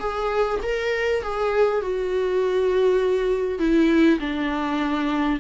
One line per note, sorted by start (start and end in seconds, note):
0.00 0.60 G#4
0.63 1.23 A#4
1.23 1.82 G#4
1.82 3.59 F#4
3.59 4.19 E4
4.20 5.40 D4